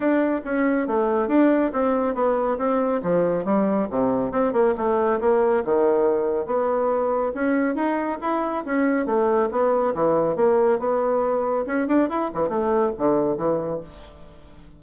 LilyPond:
\new Staff \with { instrumentName = "bassoon" } { \time 4/4 \tempo 4 = 139 d'4 cis'4 a4 d'4 | c'4 b4 c'4 f4 | g4 c4 c'8 ais8 a4 | ais4 dis2 b4~ |
b4 cis'4 dis'4 e'4 | cis'4 a4 b4 e4 | ais4 b2 cis'8 d'8 | e'8 e8 a4 d4 e4 | }